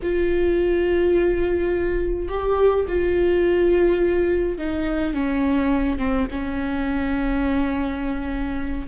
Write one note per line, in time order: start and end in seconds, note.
0.02 2.28 F4
2.28 2.85 G4
2.88 4.58 F4
4.58 5.13 D#4
5.13 5.98 C#4
5.98 6.27 C4
6.30 8.87 C#4